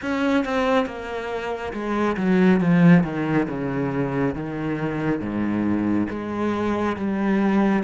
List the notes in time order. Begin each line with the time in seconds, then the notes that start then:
0.02 C#4
0.44 C4
0.85 A#3
1.73 G#3
2.17 F#3
2.60 F3
3.03 D#3
3.48 C#3
4.35 D#3
5.20 G#2
6.09 G#3
6.96 G3